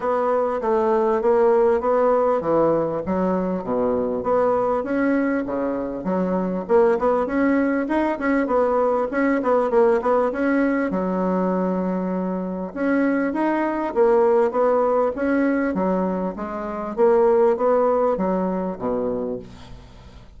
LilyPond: \new Staff \with { instrumentName = "bassoon" } { \time 4/4 \tempo 4 = 99 b4 a4 ais4 b4 | e4 fis4 b,4 b4 | cis'4 cis4 fis4 ais8 b8 | cis'4 dis'8 cis'8 b4 cis'8 b8 |
ais8 b8 cis'4 fis2~ | fis4 cis'4 dis'4 ais4 | b4 cis'4 fis4 gis4 | ais4 b4 fis4 b,4 | }